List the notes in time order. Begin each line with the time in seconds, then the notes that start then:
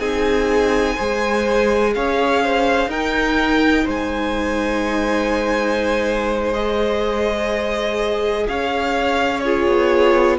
0.00 C4 D#4 G#4 G#5
0.95 G#3 G#4 C5
1.95 C#4 C#5 F5
2.43 C5
2.87 D#4 A#4 G5
3.85 G#3 C5 G#5
6.53 G#4 D#5
8.48 C#4 C#5 F5
9.41 F4 G#4 C#5
9.68 B3